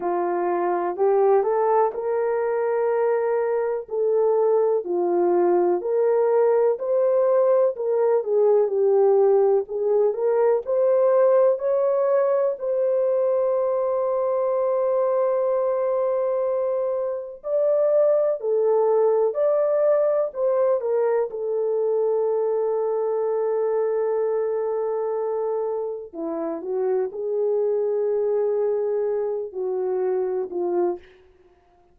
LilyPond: \new Staff \with { instrumentName = "horn" } { \time 4/4 \tempo 4 = 62 f'4 g'8 a'8 ais'2 | a'4 f'4 ais'4 c''4 | ais'8 gis'8 g'4 gis'8 ais'8 c''4 | cis''4 c''2.~ |
c''2 d''4 a'4 | d''4 c''8 ais'8 a'2~ | a'2. e'8 fis'8 | gis'2~ gis'8 fis'4 f'8 | }